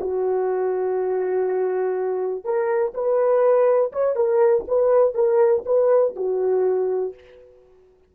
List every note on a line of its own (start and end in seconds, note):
0.00 2.44 F#4
2.44 2.94 A#4
2.94 3.92 B4
3.93 4.16 C#5
4.16 4.65 A#4
4.68 5.15 B4
5.15 5.64 A#4
5.66 6.15 B4
6.16 7.14 F#4